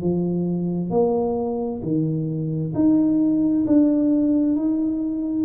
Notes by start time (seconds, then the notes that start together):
0.00 F3
0.90 A#3
1.82 D#3
2.74 D#4
3.67 D4
4.55 D#4